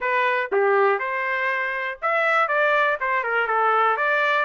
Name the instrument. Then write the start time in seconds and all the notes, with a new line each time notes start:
trumpet
0.00 B4
0.51 G4
0.99 C5
2.02 E5
2.48 D5
3.00 C5
3.23 A#4
3.47 A4
3.96 D5